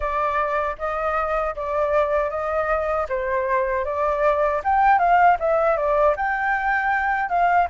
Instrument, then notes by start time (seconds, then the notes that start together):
flute
0.00 D5
0.78 D#5
1.55 D5
2.30 D#5
3.08 C5
3.85 D5
4.64 G5
4.98 F5
5.39 E5
5.76 D5
6.16 G5
7.29 F5